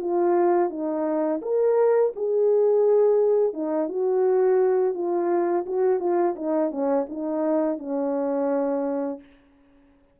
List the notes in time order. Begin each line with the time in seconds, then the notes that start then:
0.00 F4
0.70 D#4
1.41 A#4
2.16 G#4
3.53 D#4
3.89 F#4
4.94 F4
5.66 F#4
6.00 F4
6.36 D#4
6.71 C#4
7.09 D#4
7.78 C#4